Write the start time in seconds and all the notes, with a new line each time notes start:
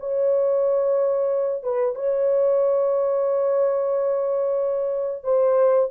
0.00 C#5
1.64 B4
1.96 C#5
5.24 C5